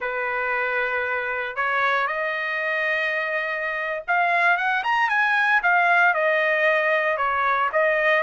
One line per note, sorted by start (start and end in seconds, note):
0.00 1.56 B4
1.56 2.07 C#5
2.07 4.03 D#5
4.07 4.57 F5
4.57 4.83 F#5
4.83 5.09 A#5
5.09 5.61 G#5
5.62 6.14 F5
6.14 7.17 D#5
7.17 7.69 C#5
7.72 8.23 D#5